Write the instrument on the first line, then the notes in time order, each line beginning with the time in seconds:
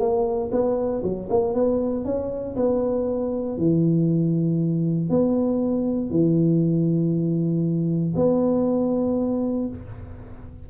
tuba
0.00 A#3
0.52 B3
1.04 F#3
1.30 A#3
1.54 B3
2.05 C#4
2.56 B3
3.58 E3
5.10 B3
6.11 E3
8.16 B3